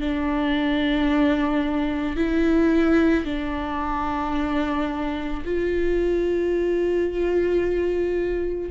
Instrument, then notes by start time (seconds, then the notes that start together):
viola
0.00 D4
2.16 E4
3.25 D4
5.44 F4